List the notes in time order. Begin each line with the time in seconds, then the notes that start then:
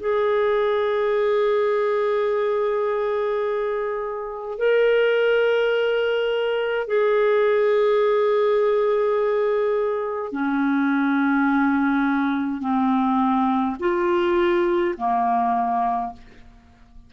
0.00 G#4
4.58 A#4
6.88 G#4
10.32 C#4
12.61 C4
13.79 F4
14.97 A#3